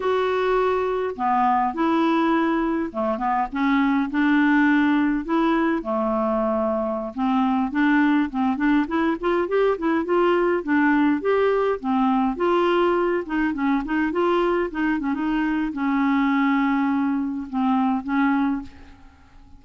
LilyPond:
\new Staff \with { instrumentName = "clarinet" } { \time 4/4 \tempo 4 = 103 fis'2 b4 e'4~ | e'4 a8 b8 cis'4 d'4~ | d'4 e'4 a2~ | a16 c'4 d'4 c'8 d'8 e'8 f'16~ |
f'16 g'8 e'8 f'4 d'4 g'8.~ | g'16 c'4 f'4. dis'8 cis'8 dis'16~ | dis'16 f'4 dis'8 cis'16 dis'4 cis'4~ | cis'2 c'4 cis'4 | }